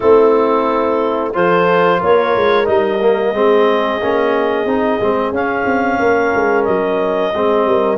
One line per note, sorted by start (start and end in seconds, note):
0.00 1.35 A3
0.00 1.33 C4
0.00 1.33 E4
0.00 1.31 A4
1.33 2.02 F3
1.33 2.65 F4
1.33 1.99 A4
1.33 2.01 C5
1.99 2.35 A#3
1.99 3.32 A#4
1.99 2.66 C#5
2.35 2.67 G#3
2.65 3.33 G3
2.65 2.98 D#4
2.65 5.33 D#5
3.01 3.34 A#3
3.33 3.99 G#3
3.33 4.01 C4
3.33 6.00 G#4
4.01 4.65 A#3
4.01 4.67 C#4
4.65 4.98 C4
4.65 5.00 D#4
5.00 5.31 G#3
5.00 5.34 C4
5.31 5.64 C#4
5.31 7.34 C#4
5.31 6.64 F5
5.65 5.98 C4
5.99 6.32 A#3
5.99 7.32 A#4
6.34 6.67 G#3
6.64 7.33 F#3
6.64 7.97 D#5
7.32 7.65 G#3
7.32 7.98 C4
7.32 7.65 G#4
7.65 7.98 G3
7.65 7.98 A#4